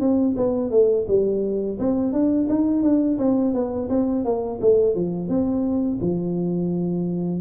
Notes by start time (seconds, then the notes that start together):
0.00 C4
0.36 B3
0.71 A3
1.08 G3
1.79 C4
2.12 D4
2.49 D#4
2.82 D4
3.18 C4
3.54 B3
3.89 C4
4.24 A#3
4.61 A3
4.95 F3
5.28 C4
6.01 F3